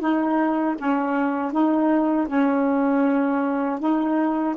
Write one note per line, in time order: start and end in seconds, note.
0.00 0.76 D#4
0.78 1.52 C#4
1.52 2.28 D#4
2.28 3.79 C#4
3.79 4.55 D#4